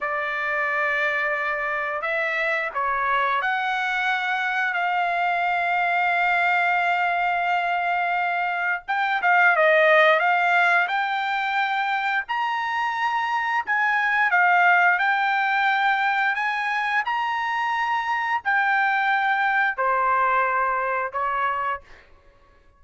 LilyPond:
\new Staff \with { instrumentName = "trumpet" } { \time 4/4 \tempo 4 = 88 d''2. e''4 | cis''4 fis''2 f''4~ | f''1~ | f''4 g''8 f''8 dis''4 f''4 |
g''2 ais''2 | gis''4 f''4 g''2 | gis''4 ais''2 g''4~ | g''4 c''2 cis''4 | }